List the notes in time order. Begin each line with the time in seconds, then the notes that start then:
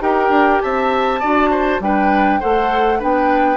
0.00 D#4 G4 A#4 G5
0.29 D4
0.61 C4 E5 A5
1.20 D4 F#4 D5
1.51 C5
1.80 G3 D4 B4 G5
2.40 A3 A4 C5 F#5
2.99 B3 D4 B4 G5